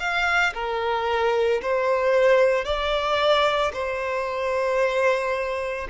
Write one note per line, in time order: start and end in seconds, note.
0.00 0.54 F5
0.55 1.62 A#4
1.62 2.65 C5
2.65 3.73 D5
3.74 5.88 C5